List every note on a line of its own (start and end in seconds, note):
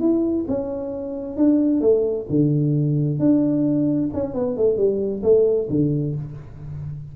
0.00 0.45 E4
0.48 1.37 C#4
1.37 1.81 D4
1.81 2.26 A3
2.29 3.19 D3
3.19 4.10 D4
4.13 4.34 C#4
4.34 4.56 B3
4.56 4.77 A3
4.77 5.22 G3
5.23 5.68 A3
5.69 6.15 D3